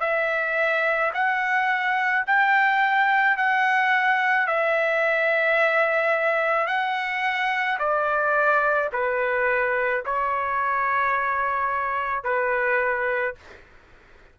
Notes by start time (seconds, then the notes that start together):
0.00 E5
1.14 F#5
2.27 G5
3.37 F#5
4.47 E5
6.67 F#5
7.79 D5
8.92 B4
10.06 C#5
12.24 B4